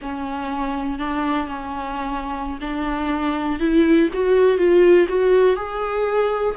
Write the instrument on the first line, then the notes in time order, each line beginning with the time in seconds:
viola
0.01 C#4
0.98 D4
1.47 C#4
2.60 D4
3.59 E4
4.13 F#4
4.57 F4
5.08 F#4
5.56 G#4